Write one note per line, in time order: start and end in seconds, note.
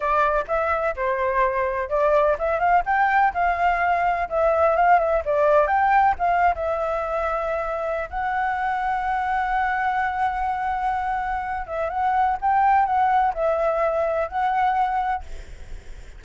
0.00 0.45 D5
0.47 0.95 E5
0.96 1.89 C5
1.89 2.36 D5
2.38 2.59 E5
2.59 2.83 F5
2.85 3.33 G5
3.33 4.29 F5
4.29 4.76 E5
4.76 4.99 F5
4.99 5.23 E5
5.25 5.67 D5
5.67 6.15 G5
6.18 6.54 F5
6.55 8.09 E5
8.10 11.66 F#5
11.66 11.89 E5
11.89 12.37 F#5
12.41 12.85 G5
12.85 13.33 F#5
13.33 14.28 E5
14.28 15.23 F#5